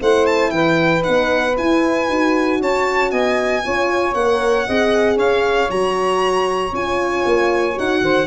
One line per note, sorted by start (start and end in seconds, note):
0.00 0.50 A3
0.00 1.00 E4
0.00 0.52 C5
0.00 0.26 F#5
0.26 0.50 A5
0.50 1.02 E3
0.50 2.59 B4
0.50 1.02 G5
1.00 1.52 D#4
1.00 1.55 F#5
1.08 1.57 B3
1.56 2.08 E4
1.56 2.09 E4
1.56 2.61 G#5
2.08 2.60 D#4
2.08 3.63 F#4
2.59 3.12 C#4
2.59 3.11 C#5
2.59 3.11 A5
3.11 3.64 B3
3.11 3.63 D#5
3.11 4.14 G#5
3.63 4.14 C#4
3.63 4.15 F4
3.63 4.67 C#5
4.14 4.66 A#3
4.14 4.67 A#4
4.14 5.17 F#5
4.67 5.16 C4
4.67 5.67 G#4
4.67 5.15 D#5
5.15 5.68 C#4
5.15 8.00 C#5
5.15 5.70 F5
5.67 6.72 F#3
5.67 6.71 F#4
5.67 6.73 A#5
6.72 7.24 C#4
6.72 7.74 F4
6.72 7.78 G#5
7.25 7.77 A#3
7.74 8.01 D#4
7.74 8.26 F#4
7.74 8.26 F#5
8.01 8.26 D#3
8.01 8.26 C5